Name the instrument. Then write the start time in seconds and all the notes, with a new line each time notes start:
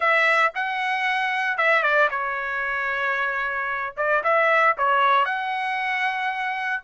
trumpet
0.00 E5
0.55 F#5
1.57 E5
1.82 D5
2.10 C#5
3.96 D5
4.23 E5
4.77 C#5
5.25 F#5